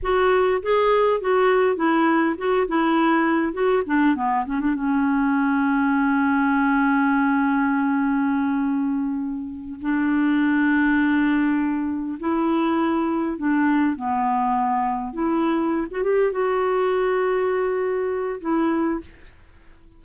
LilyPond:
\new Staff \with { instrumentName = "clarinet" } { \time 4/4 \tempo 4 = 101 fis'4 gis'4 fis'4 e'4 | fis'8 e'4. fis'8 d'8 b8 cis'16 d'16 | cis'1~ | cis'1~ |
cis'8 d'2.~ d'8~ | d'8 e'2 d'4 b8~ | b4. e'4~ e'16 fis'16 g'8 fis'8~ | fis'2. e'4 | }